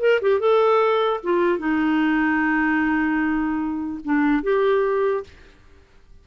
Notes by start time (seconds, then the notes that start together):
0.00 A#4
0.22 G4
0.40 A4
1.23 F4
1.59 D#4
4.04 D4
4.43 G4